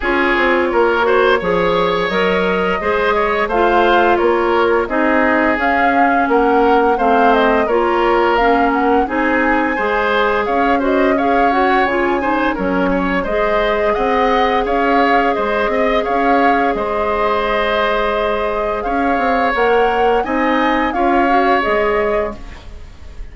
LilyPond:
<<
  \new Staff \with { instrumentName = "flute" } { \time 4/4 \tempo 4 = 86 cis''2. dis''4~ | dis''4 f''4 cis''4 dis''4 | f''4 fis''4 f''8 dis''8 cis''4 | f''8 fis''8 gis''2 f''8 dis''8 |
f''8 fis''8 gis''4 cis''4 dis''4 | fis''4 f''4 dis''4 f''4 | dis''2. f''4 | fis''4 gis''4 f''4 dis''4 | }
  \new Staff \with { instrumentName = "oboe" } { \time 4/4 gis'4 ais'8 c''8 cis''2 | c''8 cis''8 c''4 ais'4 gis'4~ | gis'4 ais'4 c''4 ais'4~ | ais'4 gis'4 c''4 cis''8 c''8 |
cis''4. c''8 ais'8 cis''8 c''4 | dis''4 cis''4 c''8 dis''8 cis''4 | c''2. cis''4~ | cis''4 dis''4 cis''2 | }
  \new Staff \with { instrumentName = "clarinet" } { \time 4/4 f'4. fis'8 gis'4 ais'4 | gis'4 f'2 dis'4 | cis'2 c'4 f'4 | cis'4 dis'4 gis'4. fis'8 |
gis'8 fis'8 f'8 dis'8 cis'4 gis'4~ | gis'1~ | gis'1 | ais'4 dis'4 f'8 fis'8 gis'4 | }
  \new Staff \with { instrumentName = "bassoon" } { \time 4/4 cis'8 c'8 ais4 f4 fis4 | gis4 a4 ais4 c'4 | cis'4 ais4 a4 ais4~ | ais4 c'4 gis4 cis'4~ |
cis'4 cis4 fis4 gis4 | c'4 cis'4 gis8 c'8 cis'4 | gis2. cis'8 c'8 | ais4 c'4 cis'4 gis4 | }
>>